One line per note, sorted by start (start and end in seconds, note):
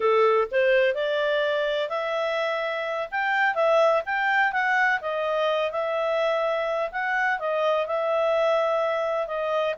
0.00 0.48 A4
0.51 0.94 C5
0.94 1.89 D5
1.89 3.08 E5
3.11 3.55 G5
3.55 4.02 E5
4.05 4.52 G5
4.52 5.00 F#5
5.01 5.71 D#5
5.71 6.90 E5
6.91 7.39 F#5
7.39 7.86 D#5
7.86 9.27 E5
9.27 9.74 D#5